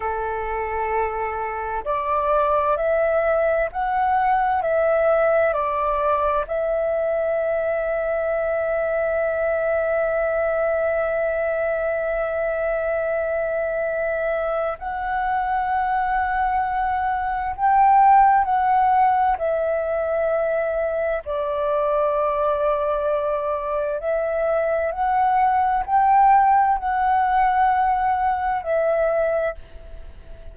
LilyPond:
\new Staff \with { instrumentName = "flute" } { \time 4/4 \tempo 4 = 65 a'2 d''4 e''4 | fis''4 e''4 d''4 e''4~ | e''1~ | e''1 |
fis''2. g''4 | fis''4 e''2 d''4~ | d''2 e''4 fis''4 | g''4 fis''2 e''4 | }